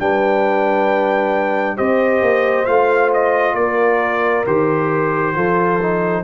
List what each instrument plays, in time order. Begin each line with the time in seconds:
0.00 tuba G3, trombone D4, horn B4, trumpet G5
1.77 tuba C4, trombone G4, horn C5, trumpet D#5
2.22 tuba A#3
2.66 tuba A3, trombone F4, trumpet F5
3.14 trumpet D#5
3.54 tuba A#3, horn A#4, trumpet D5
4.47 tuba D#3, trombone G4, trumpet C5
5.36 tuba F3, trombone F4, horn A4
5.82 trombone D#4